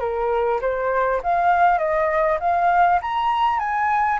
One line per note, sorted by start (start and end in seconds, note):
0.00 0.60 A#4
0.61 1.21 C5
1.23 1.78 F5
1.78 2.38 D#5
2.40 3.00 F5
3.02 3.59 A#5
3.59 4.19 G#5